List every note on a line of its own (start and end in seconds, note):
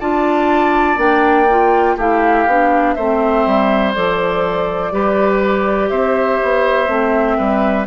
0.00 0.98 D4
0.00 0.97 F4
0.00 1.96 D5
0.00 0.98 A5
0.97 1.96 A#3
0.97 1.46 D4
0.97 1.98 G5
1.50 1.99 F4
1.96 2.46 A3
1.96 2.49 E4
1.96 2.95 G4
1.96 2.94 F5
2.47 2.96 B3
2.47 2.98 D4
2.94 3.46 A3
2.94 3.95 C4
2.94 4.93 C5
2.94 3.92 E5
3.46 3.95 G3
3.94 4.92 F3
3.94 4.92 A4
3.94 5.89 D5
4.92 5.91 G3
4.92 6.88 G4
4.92 5.90 B4
5.89 6.40 C4
5.89 7.38 C5
5.89 7.86 E5
6.43 6.89 B3
6.88 7.38 A3
6.88 7.86 C4
7.38 7.87 G3
7.38 7.87 B4